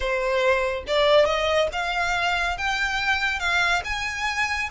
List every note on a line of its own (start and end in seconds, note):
0.00 0.84 C5
0.87 1.25 D5
1.25 1.68 D#5
1.72 2.57 F5
2.57 3.39 G5
3.39 3.82 F5
3.84 4.69 G#5